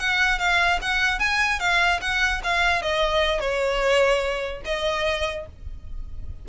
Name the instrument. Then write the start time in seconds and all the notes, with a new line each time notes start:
violin
0.00 F#5
0.39 F5
0.82 F#5
1.20 G#5
1.60 F5
2.02 F#5
2.44 F5
2.83 D#5
3.41 C#5
4.65 D#5